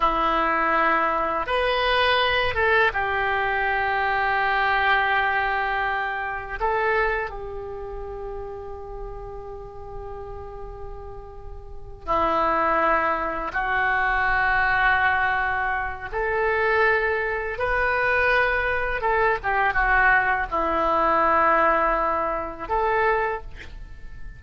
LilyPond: \new Staff \with { instrumentName = "oboe" } { \time 4/4 \tempo 4 = 82 e'2 b'4. a'8 | g'1~ | g'4 a'4 g'2~ | g'1~ |
g'8 e'2 fis'4.~ | fis'2 a'2 | b'2 a'8 g'8 fis'4 | e'2. a'4 | }